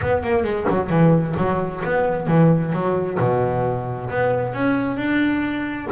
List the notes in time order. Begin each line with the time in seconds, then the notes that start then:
0.01 B3
0.23 A#3
0.43 G#3
0.69 F#3
0.89 E3
1.37 F#3
1.84 B3
2.27 E3
2.73 F#3
3.18 B2
4.10 B3
4.53 C#4
4.96 D4